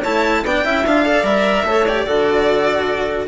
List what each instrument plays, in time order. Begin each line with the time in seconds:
0.00 bassoon A3, cello E4, clarinet C#5, violin A5
0.43 bassoon B3, cello D4, clarinet D5, violin G5
0.63 bassoon C#4, cello E4, clarinet E5
0.84 bassoon D4, cello F4, violin F5
1.05 cello A4, clarinet D5
1.23 bassoon G3, cello A#4, violin E5
1.64 bassoon A3, cello A4, clarinet C#5
1.85 cello G4, violin D5
2.05 bassoon D3, cello F#4, clarinet A4